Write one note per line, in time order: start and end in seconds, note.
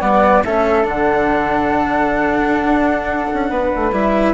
0.00 0.44 G3
0.00 0.43 B3
0.00 0.43 D5
0.00 0.42 F#5
0.44 0.85 A3
0.44 0.84 C#4
0.44 3.50 A4
0.44 0.86 E5
0.84 2.63 D3
0.84 3.91 D4
0.84 3.92 F#5
2.63 3.26 D4
3.33 3.49 C#4
3.49 3.71 B3
3.49 4.33 B4
3.75 3.92 A3
3.92 4.33 G3
3.92 4.33 E4
3.92 4.33 E5